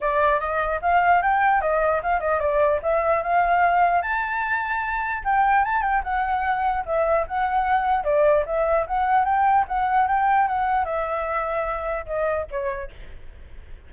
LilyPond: \new Staff \with { instrumentName = "flute" } { \time 4/4 \tempo 4 = 149 d''4 dis''4 f''4 g''4 | dis''4 f''8 dis''8 d''4 e''4 | f''2 a''2~ | a''4 g''4 a''8 g''8 fis''4~ |
fis''4 e''4 fis''2 | d''4 e''4 fis''4 g''4 | fis''4 g''4 fis''4 e''4~ | e''2 dis''4 cis''4 | }